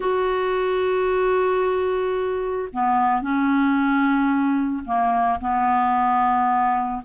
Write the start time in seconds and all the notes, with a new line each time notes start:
0.00 F#4
2.72 B3
3.21 C#4
4.85 A#3
5.40 B3